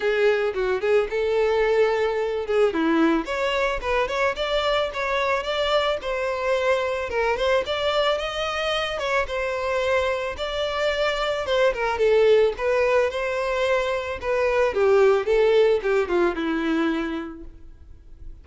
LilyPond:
\new Staff \with { instrumentName = "violin" } { \time 4/4 \tempo 4 = 110 gis'4 fis'8 gis'8 a'2~ | a'8 gis'8 e'4 cis''4 b'8 cis''8 | d''4 cis''4 d''4 c''4~ | c''4 ais'8 c''8 d''4 dis''4~ |
dis''8 cis''8 c''2 d''4~ | d''4 c''8 ais'8 a'4 b'4 | c''2 b'4 g'4 | a'4 g'8 f'8 e'2 | }